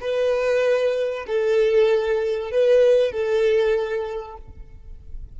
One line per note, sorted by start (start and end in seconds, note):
0.00 1.25 B4
1.26 2.51 A4
2.51 3.11 B4
3.11 4.36 A4